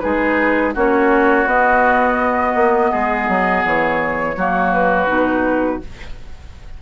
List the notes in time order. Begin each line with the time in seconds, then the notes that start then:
0.00 G#3 D#4 G#4 B4
0.74 A#3 C#4 F#4 C#5
1.46 B3 D#5
2.55 A#3
2.91 G#3 G#4
3.28 F#3
3.65 E3 C#5
4.36 F#3 A#3 F#4
4.73 B4
5.07 B2 D#4